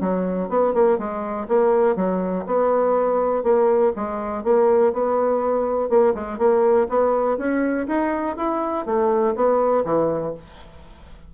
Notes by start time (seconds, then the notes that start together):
0.00 F#3
0.49 B3
0.73 A#3
0.98 G#3
1.48 A#3
1.95 F#3
2.46 B3
3.43 A#3
3.96 G#3
4.43 A#3
4.93 B3
5.89 A#3
6.14 G#3
6.38 A#3
6.89 B3
7.38 C#4
7.87 D#4
8.36 E4
8.85 A3
9.35 B3
9.85 E3